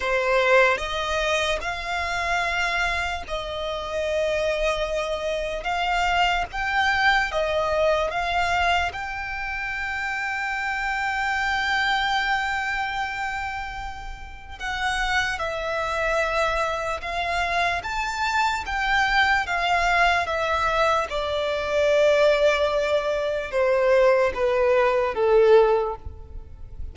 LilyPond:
\new Staff \with { instrumentName = "violin" } { \time 4/4 \tempo 4 = 74 c''4 dis''4 f''2 | dis''2. f''4 | g''4 dis''4 f''4 g''4~ | g''1~ |
g''2 fis''4 e''4~ | e''4 f''4 a''4 g''4 | f''4 e''4 d''2~ | d''4 c''4 b'4 a'4 | }